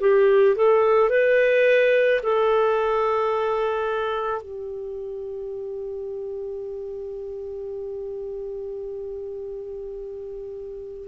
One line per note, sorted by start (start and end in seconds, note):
0.00 0.56 G4
0.56 1.10 A4
1.10 2.21 B4
2.23 4.42 A4
4.42 11.08 G4